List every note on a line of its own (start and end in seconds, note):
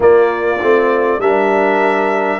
0.00 0.57 A#3
0.00 0.59 A#3
0.00 1.20 F4
0.00 1.20 D5
0.62 1.18 A3
0.62 1.20 C4
1.18 2.38 G3
1.18 2.39 D4
1.18 2.39 A#4
1.18 2.39 E5